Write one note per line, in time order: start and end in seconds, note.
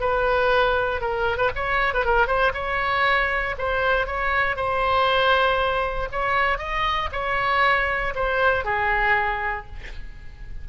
0.00 1.01 B4
1.01 1.37 A#4
1.37 1.50 B4
1.55 1.93 C#5
1.93 2.05 B4
2.05 2.27 A#4
2.27 2.52 C5
2.53 3.55 C#5
3.58 4.06 C5
4.06 4.56 C#5
4.56 6.08 C5
6.11 6.58 C#5
6.58 7.08 D#5
7.12 8.14 C#5
8.14 8.64 C5
8.64 9.66 G#4